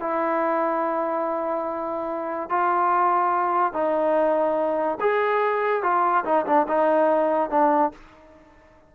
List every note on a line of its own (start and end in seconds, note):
0.00 2.50 E4
2.50 3.73 F4
3.73 4.98 D#4
5.00 5.83 G#4
5.83 6.25 F4
6.25 6.46 D#4
6.46 6.67 D4
6.68 7.50 D#4
7.50 7.92 D4